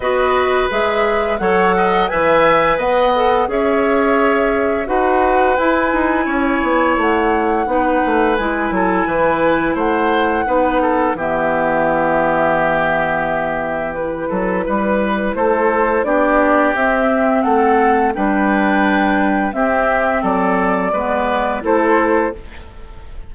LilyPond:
<<
  \new Staff \with { instrumentName = "flute" } { \time 4/4 \tempo 4 = 86 dis''4 e''4 fis''4 gis''4 | fis''4 e''2 fis''4 | gis''2 fis''2 | gis''2 fis''2 |
e''1 | b'2 c''4 d''4 | e''4 fis''4 g''2 | e''4 d''2 c''4 | }
  \new Staff \with { instrumentName = "oboe" } { \time 4/4 b'2 cis''8 dis''8 e''4 | dis''4 cis''2 b'4~ | b'4 cis''2 b'4~ | b'8 a'8 b'4 c''4 b'8 a'8 |
g'1~ | g'8 a'8 b'4 a'4 g'4~ | g'4 a'4 b'2 | g'4 a'4 b'4 a'4 | }
  \new Staff \with { instrumentName = "clarinet" } { \time 4/4 fis'4 gis'4 a'4 b'4~ | b'8 a'8 gis'2 fis'4 | e'2. dis'4 | e'2. dis'4 |
b1 | e'2. d'4 | c'2 d'2 | c'2 b4 e'4 | }
  \new Staff \with { instrumentName = "bassoon" } { \time 4/4 b4 gis4 fis4 e4 | b4 cis'2 dis'4 | e'8 dis'8 cis'8 b8 a4 b8 a8 | gis8 fis8 e4 a4 b4 |
e1~ | e8 fis8 g4 a4 b4 | c'4 a4 g2 | c'4 fis4 gis4 a4 | }
>>